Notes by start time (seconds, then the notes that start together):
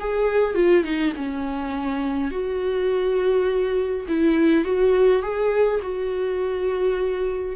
0.00 G#4
0.55 F4
0.84 D#4
1.16 C#4
2.31 F#4
4.08 E4
4.65 F#4
5.22 G#4
5.82 F#4